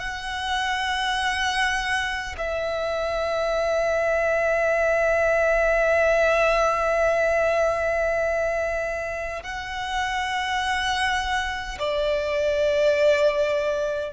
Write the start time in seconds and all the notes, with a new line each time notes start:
0.00 F#5
2.38 E5
9.43 F#5
11.79 D5